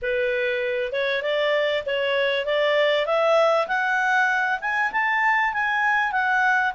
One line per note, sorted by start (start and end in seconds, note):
0.02 0.92 B4
0.92 1.22 C#5
1.22 1.83 D5
1.86 2.45 C#5
2.45 3.06 D5
3.06 3.67 E5
3.67 4.59 F#5
4.61 4.91 G#5
4.92 5.53 A5
5.53 6.12 G#5
6.12 6.73 F#5